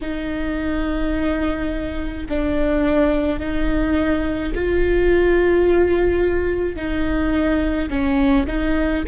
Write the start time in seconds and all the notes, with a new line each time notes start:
0.01 D#4
2.28 D4
3.40 D#4
4.54 F4
6.76 D#4
7.89 C#4
8.46 D#4